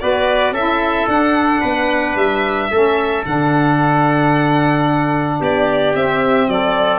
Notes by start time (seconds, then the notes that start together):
0.00 B3 F#4 B4 D5
0.51 C#4 E4 A4 E5
1.08 D4 F#5
1.61 B3 B4
2.16 G3 E5
2.71 A3 C#4 A4
3.25 D3 D4 F#5
5.40 B3 G4 D5
5.95 C4 E5
6.48 F#3 A4 D5